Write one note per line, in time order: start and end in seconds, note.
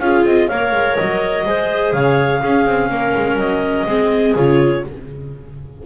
0.00 0.24 C#4
0.00 0.51 F4
0.00 0.48 G#4
0.00 0.25 F5
0.25 0.49 C4
0.25 0.48 D#5
0.48 0.72 A#3
0.48 1.46 A#4
0.48 1.45 C#5
0.48 0.96 F5
0.72 0.97 G#3
0.96 1.46 F#3
0.96 1.93 D#5
1.46 1.93 G#3
1.46 2.42 G#4
1.46 1.95 C5
1.93 2.41 C#3
1.93 2.40 C#5
1.93 3.38 F5
2.40 2.66 C#4
2.40 3.88 C#4
2.40 2.89 G#4
2.66 2.90 C4
2.90 3.14 A#3
2.90 3.87 A#4
3.16 3.36 G#3
3.36 3.85 F#3
3.36 4.35 D#5
3.86 4.35 G#3
3.86 4.36 C4
3.86 4.84 G#4
4.36 4.84 C#3
4.36 4.86 F4
4.36 4.86 C#5